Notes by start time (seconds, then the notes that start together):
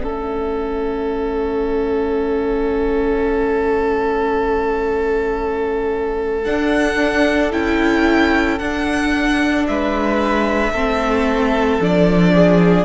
0.00 A3 C#4 A4 E5
6.44 D4 F#5
7.52 C#4 E4 G5
8.58 D4 F#5
9.67 G#3 B4 E5
10.72 A3 C4 A4
11.80 F3 D4 D5
12.34 G#4